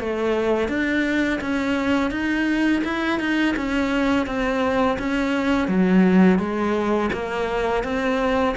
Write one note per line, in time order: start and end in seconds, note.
0.00 0.69 A3
0.69 1.40 D4
1.41 2.11 C#4
2.11 2.83 D#4
2.84 3.20 E4
3.20 3.56 D#4
3.57 4.27 C#4
4.27 4.98 C4
4.99 5.69 C#4
5.69 6.39 F#3
6.39 7.11 G#3
7.13 7.84 A#3
7.84 8.56 C4